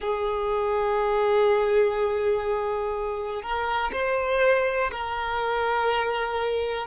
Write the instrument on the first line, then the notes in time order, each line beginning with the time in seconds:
violin
0.00 G#4
3.42 A#4
3.92 C5
4.91 A#4